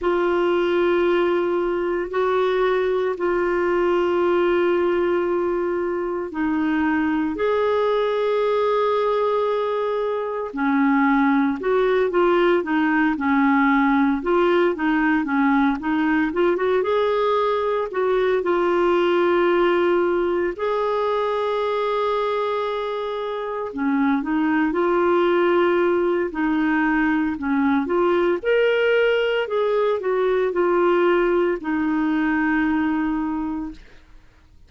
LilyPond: \new Staff \with { instrumentName = "clarinet" } { \time 4/4 \tempo 4 = 57 f'2 fis'4 f'4~ | f'2 dis'4 gis'4~ | gis'2 cis'4 fis'8 f'8 | dis'8 cis'4 f'8 dis'8 cis'8 dis'8 f'16 fis'16 |
gis'4 fis'8 f'2 gis'8~ | gis'2~ gis'8 cis'8 dis'8 f'8~ | f'4 dis'4 cis'8 f'8 ais'4 | gis'8 fis'8 f'4 dis'2 | }